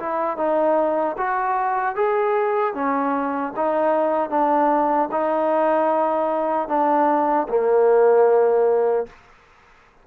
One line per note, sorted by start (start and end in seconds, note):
0.00 0.38 E4
0.38 1.17 D#4
1.18 1.96 F#4
1.96 2.75 G#4
2.75 3.53 C#4
3.56 4.30 D#4
4.30 5.09 D4
5.12 6.69 D#4
6.69 7.48 D4
7.49 9.07 A#3